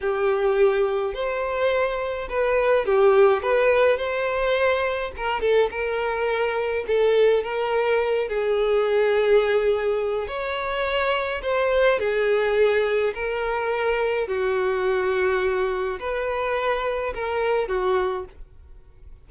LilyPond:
\new Staff \with { instrumentName = "violin" } { \time 4/4 \tempo 4 = 105 g'2 c''2 | b'4 g'4 b'4 c''4~ | c''4 ais'8 a'8 ais'2 | a'4 ais'4. gis'4.~ |
gis'2 cis''2 | c''4 gis'2 ais'4~ | ais'4 fis'2. | b'2 ais'4 fis'4 | }